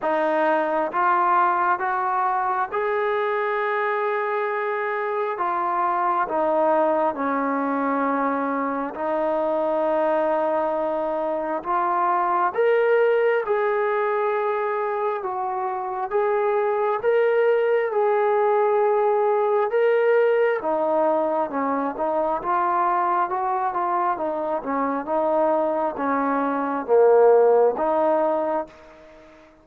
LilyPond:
\new Staff \with { instrumentName = "trombone" } { \time 4/4 \tempo 4 = 67 dis'4 f'4 fis'4 gis'4~ | gis'2 f'4 dis'4 | cis'2 dis'2~ | dis'4 f'4 ais'4 gis'4~ |
gis'4 fis'4 gis'4 ais'4 | gis'2 ais'4 dis'4 | cis'8 dis'8 f'4 fis'8 f'8 dis'8 cis'8 | dis'4 cis'4 ais4 dis'4 | }